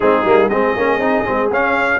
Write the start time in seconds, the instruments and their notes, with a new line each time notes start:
0.00 tuba G#3, trombone C4, horn D#4, trumpet G#4
0.24 tuba G3, trombone A#3
0.49 tuba G#3, trombone C4, horn G#4, trumpet D#5
0.76 tuba A#3, trombone C#4
0.97 tuba C4, trombone D#4
1.25 tuba G#3, trombone C4
1.51 tuba C#4, trombone C#4, trumpet F5